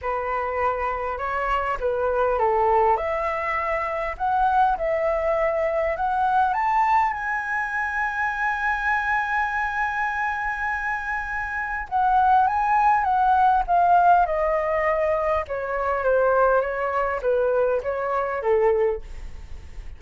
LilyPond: \new Staff \with { instrumentName = "flute" } { \time 4/4 \tempo 4 = 101 b'2 cis''4 b'4 | a'4 e''2 fis''4 | e''2 fis''4 a''4 | gis''1~ |
gis''1 | fis''4 gis''4 fis''4 f''4 | dis''2 cis''4 c''4 | cis''4 b'4 cis''4 a'4 | }